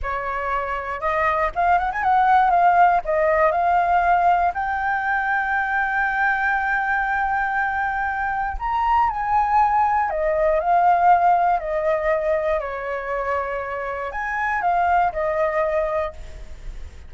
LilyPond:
\new Staff \with { instrumentName = "flute" } { \time 4/4 \tempo 4 = 119 cis''2 dis''4 f''8 fis''16 gis''16 | fis''4 f''4 dis''4 f''4~ | f''4 g''2.~ | g''1~ |
g''4 ais''4 gis''2 | dis''4 f''2 dis''4~ | dis''4 cis''2. | gis''4 f''4 dis''2 | }